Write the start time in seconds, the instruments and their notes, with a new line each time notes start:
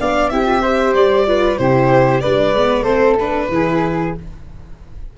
0.00 tuba B3, viola D4, flute D5, violin F5
0.30 tuba C4, viola E4, flute G4, violin E5
0.45 viola F4
0.62 viola G4, flute C5
0.94 tuba G3, violin D5
1.26 viola F4, flute B4
1.58 tuba C3, viola E4, flute G4, violin C5
2.21 tuba G3, viola D4, flute B4, violin D5
2.53 tuba G#3, viola B3
2.83 tuba A3, viola C4, flute A4, violin C5
3.20 viola D4, violin B4
3.49 tuba E3, viola E4, flute G#4